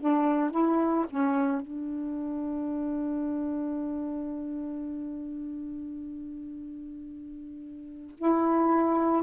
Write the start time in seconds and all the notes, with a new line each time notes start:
0.00 D4
0.51 E4
1.10 C#4
1.62 D4
8.18 E4